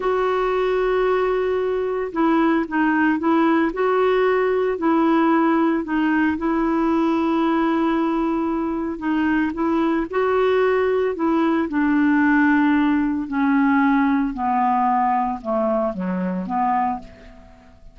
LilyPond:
\new Staff \with { instrumentName = "clarinet" } { \time 4/4 \tempo 4 = 113 fis'1 | e'4 dis'4 e'4 fis'4~ | fis'4 e'2 dis'4 | e'1~ |
e'4 dis'4 e'4 fis'4~ | fis'4 e'4 d'2~ | d'4 cis'2 b4~ | b4 a4 fis4 b4 | }